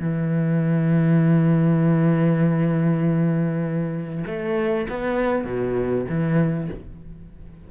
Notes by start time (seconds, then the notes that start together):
0.00 E3
4.27 A3
4.89 B3
5.45 B2
6.09 E3